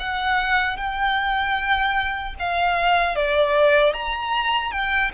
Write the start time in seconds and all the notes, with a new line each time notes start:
0.00 F#5
0.77 G5
2.40 F5
3.16 D5
3.94 A#5
4.72 G5